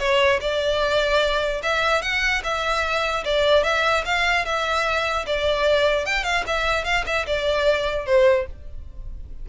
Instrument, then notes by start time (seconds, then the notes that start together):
violin
0.00 C#5
0.41 D5
1.63 E5
2.02 F#5
2.44 E5
3.25 D5
3.64 E5
4.05 F5
4.46 E5
5.27 D5
6.06 G5
6.24 F5
6.47 E5
6.85 F5
7.06 E5
7.27 D5
8.06 C5